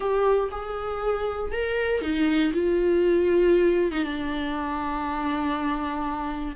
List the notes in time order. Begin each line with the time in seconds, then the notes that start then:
0.00 G4
0.51 G#4
1.51 A#4
2.01 D#4
2.53 F4
3.91 D#4
4.03 D4